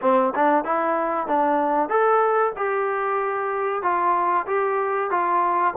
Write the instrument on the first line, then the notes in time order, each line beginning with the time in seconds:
trombone
0.01 C4
0.35 D4
0.64 E4
1.27 D4
1.89 A4
2.56 G4
3.82 F4
4.46 G4
5.10 F4